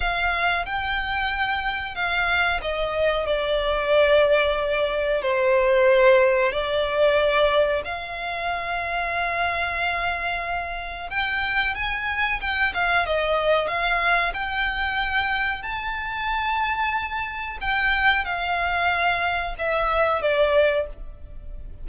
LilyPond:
\new Staff \with { instrumentName = "violin" } { \time 4/4 \tempo 4 = 92 f''4 g''2 f''4 | dis''4 d''2. | c''2 d''2 | f''1~ |
f''4 g''4 gis''4 g''8 f''8 | dis''4 f''4 g''2 | a''2. g''4 | f''2 e''4 d''4 | }